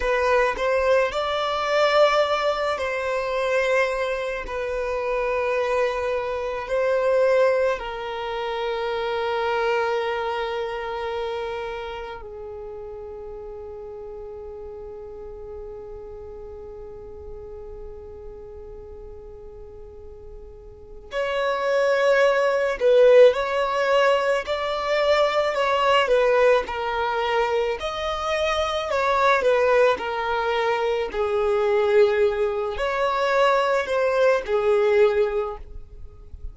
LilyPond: \new Staff \with { instrumentName = "violin" } { \time 4/4 \tempo 4 = 54 b'8 c''8 d''4. c''4. | b'2 c''4 ais'4~ | ais'2. gis'4~ | gis'1~ |
gis'2. cis''4~ | cis''8 b'8 cis''4 d''4 cis''8 b'8 | ais'4 dis''4 cis''8 b'8 ais'4 | gis'4. cis''4 c''8 gis'4 | }